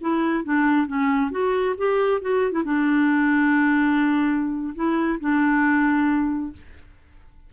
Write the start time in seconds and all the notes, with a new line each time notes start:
0.00 E4
0.44 D4
0.87 C#4
1.31 F#4
1.77 G4
2.21 F#4
2.51 E4
2.64 D4
4.75 E4
5.20 D4